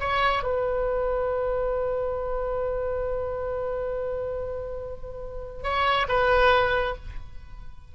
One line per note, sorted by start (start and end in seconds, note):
0.00 0.43 C#5
0.43 5.63 B4
5.63 6.07 C#5
6.08 6.95 B4